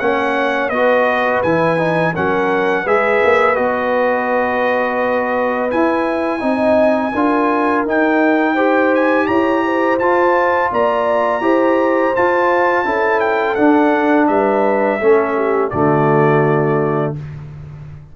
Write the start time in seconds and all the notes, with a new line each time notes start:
0.00 A#3 C#4 C#5 F#5
0.70 B3 F#4 B4 D#5
1.43 E3 E4 G#5
1.78 D#4
2.13 F#3 C#4 A#4 F#5
2.83 G#3 G#4 B4 E5
3.24 A#3
3.56 B3 F#4 D#5
5.71 E4 G#5
6.40 C4 D#4 D#5
7.13 D4 F4 A#4
7.86 D#4 G5
8.55 G4 C5
8.95 G#5
9.27 E4 C#5 A#5
9.66 C5
9.99 F4 A5
10.73 A#3 D5 A#5
11.41 E4 G4 C5
12.15 F4 A5
12.85 C#4 E4 A4
13.21 G5
13.55 D4 F#5
14.28 G3 B4 E5
14.99 A3 C#4 A4
15.37 G4
15.70 D3 A3 F#4 D5